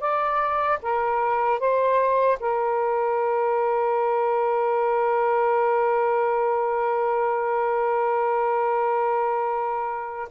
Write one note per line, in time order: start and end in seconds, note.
0.00 0.79 D5
0.82 1.59 A#4
1.59 2.38 C5
2.40 10.29 A#4